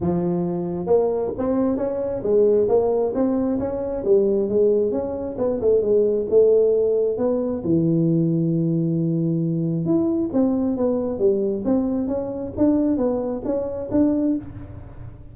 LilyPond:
\new Staff \with { instrumentName = "tuba" } { \time 4/4 \tempo 4 = 134 f2 ais4 c'4 | cis'4 gis4 ais4 c'4 | cis'4 g4 gis4 cis'4 | b8 a8 gis4 a2 |
b4 e2.~ | e2 e'4 c'4 | b4 g4 c'4 cis'4 | d'4 b4 cis'4 d'4 | }